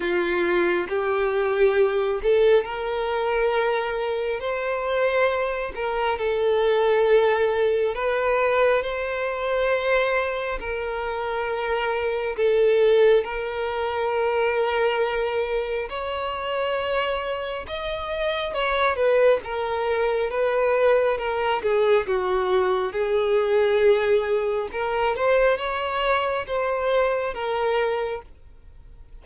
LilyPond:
\new Staff \with { instrumentName = "violin" } { \time 4/4 \tempo 4 = 68 f'4 g'4. a'8 ais'4~ | ais'4 c''4. ais'8 a'4~ | a'4 b'4 c''2 | ais'2 a'4 ais'4~ |
ais'2 cis''2 | dis''4 cis''8 b'8 ais'4 b'4 | ais'8 gis'8 fis'4 gis'2 | ais'8 c''8 cis''4 c''4 ais'4 | }